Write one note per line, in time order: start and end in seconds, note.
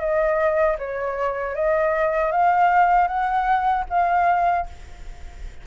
0.00 0.77 D#5
0.78 1.55 C#5
1.55 2.31 D#5
2.31 3.08 F5
3.08 3.85 F#5
3.90 4.66 F5